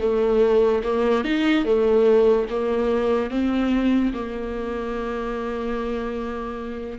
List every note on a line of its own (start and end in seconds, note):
0.00 0.82 A3
0.83 1.24 A#3
1.24 1.65 D#4
1.65 2.47 A3
2.50 3.30 A#3
3.30 4.12 C4
4.13 6.99 A#3